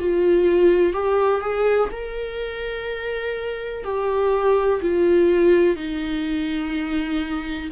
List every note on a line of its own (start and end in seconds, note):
0.00 0.94 F4
0.94 1.42 G4
1.42 1.90 G#4
1.92 3.84 A#4
3.84 4.81 G4
4.82 5.77 F4
5.77 7.70 D#4